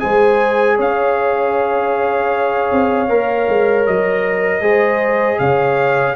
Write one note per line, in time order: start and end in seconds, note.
0.00 0.79 G#3
0.00 3.08 G#4
0.00 0.77 C5
0.00 0.77 G#5
0.77 2.71 C#4
0.77 4.61 C#5
0.77 3.87 F5
2.72 3.10 C4
3.09 3.48 A#3
3.09 4.62 A#4
3.49 3.87 G#3
3.87 4.61 F#3
3.87 5.39 D#5
4.61 5.38 G#3
4.61 6.15 G#4
4.61 5.40 C5
5.39 6.16 C#3
5.39 6.16 C#5
5.39 6.16 F5